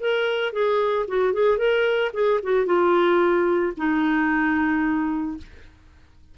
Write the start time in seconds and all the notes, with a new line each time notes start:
0.00 A#4
0.52 G#4
1.08 F#4
1.33 G#4
1.58 A#4
2.13 G#4
2.43 F#4
2.66 F4
3.77 D#4